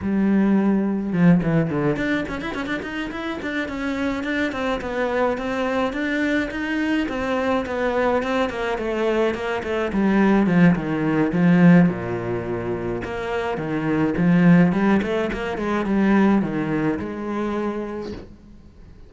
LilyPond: \new Staff \with { instrumentName = "cello" } { \time 4/4 \tempo 4 = 106 g2 f8 e8 d8 d'8 | cis'16 e'16 cis'16 d'16 dis'8 e'8 d'8 cis'4 d'8 | c'8 b4 c'4 d'4 dis'8~ | dis'8 c'4 b4 c'8 ais8 a8~ |
a8 ais8 a8 g4 f8 dis4 | f4 ais,2 ais4 | dis4 f4 g8 a8 ais8 gis8 | g4 dis4 gis2 | }